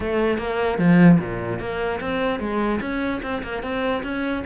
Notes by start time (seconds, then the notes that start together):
0.00 A3
0.38 A#3
0.78 F3
1.19 A#2
1.59 A#3
2.00 C4
2.39 G#3
2.80 C#4
3.22 C4
3.43 A#3
3.62 C4
4.03 C#4